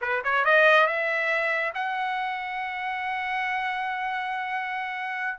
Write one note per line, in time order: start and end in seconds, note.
0.01 0.23 B4
0.24 0.45 C#5
0.45 0.86 D#5
0.86 1.73 E5
1.74 5.38 F#5